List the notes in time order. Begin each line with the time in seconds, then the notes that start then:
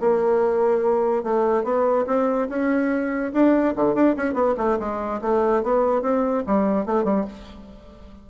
0.00 A#3
1.23 A3
1.64 B3
2.06 C4
2.48 C#4
3.33 D4
3.75 D3
3.94 D4
4.16 C#4
4.33 B3
4.57 A3
4.79 G#3
5.21 A3
5.63 B3
6.02 C4
6.46 G3
6.85 A3
7.04 G3